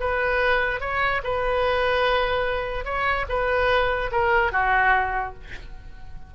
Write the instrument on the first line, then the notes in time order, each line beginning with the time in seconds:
oboe
0.00 B4
0.81 C#5
1.24 B4
2.85 C#5
3.29 B4
4.12 A#4
4.52 F#4